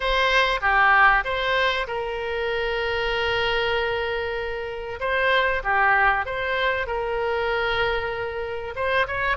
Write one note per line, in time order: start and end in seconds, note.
0.00 0.60 C5
0.61 1.23 G4
1.24 1.86 C5
1.87 4.99 A#4
5.00 5.62 C5
5.63 6.25 G4
6.25 6.86 C5
6.86 8.74 A#4
8.75 9.06 C5
9.07 9.37 C#5